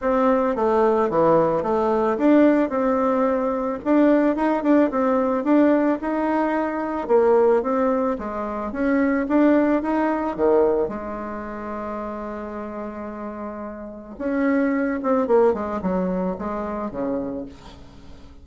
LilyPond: \new Staff \with { instrumentName = "bassoon" } { \time 4/4 \tempo 4 = 110 c'4 a4 e4 a4 | d'4 c'2 d'4 | dis'8 d'8 c'4 d'4 dis'4~ | dis'4 ais4 c'4 gis4 |
cis'4 d'4 dis'4 dis4 | gis1~ | gis2 cis'4. c'8 | ais8 gis8 fis4 gis4 cis4 | }